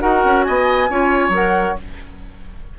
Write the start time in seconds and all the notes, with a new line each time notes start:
0.00 D#4 F#4 A#4 F#5
0.25 C#4
0.44 B3 D#5 G#5
0.90 C#4 F4 C#5
1.29 F#3 A#4 F#5